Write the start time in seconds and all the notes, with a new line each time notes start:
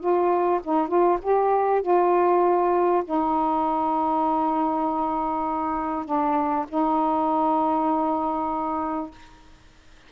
0.00 F4
0.64 D#4
0.88 F4
1.22 G4
1.82 F4
3.05 D#4
6.05 D4
6.68 D#4